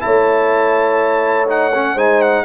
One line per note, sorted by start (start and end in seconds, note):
0.00 1.95 A3
0.00 1.46 E4
0.00 1.95 C#5
0.00 1.48 A5
1.47 1.71 D#4
1.47 1.98 F#5
1.74 1.97 C#4
1.95 2.44 G#3
1.95 2.45 D#4
1.95 2.43 C5
1.95 2.21 G#5
2.21 2.45 F#5